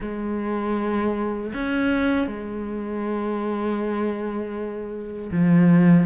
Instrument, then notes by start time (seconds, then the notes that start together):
cello
0.00 G#3
1.53 C#4
2.27 G#3
5.31 F3